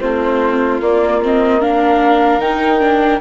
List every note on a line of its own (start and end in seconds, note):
0.00 0.81 A3
0.00 0.81 C4
0.00 1.61 F4
0.00 0.80 C5
0.81 2.38 A#3
0.81 1.22 A#3
0.81 1.22 D5
1.23 1.61 C4
1.23 1.62 D#5
1.61 2.41 D4
1.61 3.21 A#4
1.61 2.41 F5
2.38 3.18 D#3
2.38 2.80 D#4
2.38 3.21 G5
2.80 3.20 D4